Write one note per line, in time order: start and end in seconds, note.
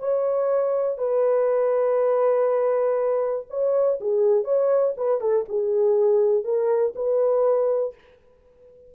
0.00 0.98 C#5
0.98 3.46 B4
3.50 4.00 C#5
4.01 4.44 G#4
4.44 4.94 C#5
4.97 5.21 B4
5.21 5.45 A4
5.49 6.45 G#4
6.45 6.94 A#4
6.96 7.95 B4